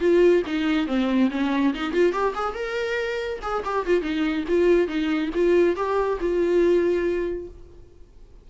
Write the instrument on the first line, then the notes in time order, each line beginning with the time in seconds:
viola
0.00 F4
0.46 D#4
0.87 C4
1.31 C#4
1.74 D#4
1.93 F4
2.12 G4
2.35 G#4
2.54 A#4
3.42 G#4
3.65 G4
3.86 F4
4.02 D#4
4.48 F4
4.88 D#4
5.34 F4
5.76 G4
6.20 F4